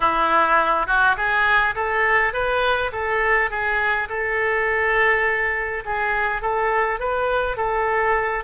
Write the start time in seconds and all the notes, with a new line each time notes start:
0.00 E4
0.87 F#4
1.16 G#4
1.75 A4
2.33 B4
2.92 A4
3.50 G#4
4.09 A4
5.85 G#4
6.41 A4
6.99 B4
7.56 A4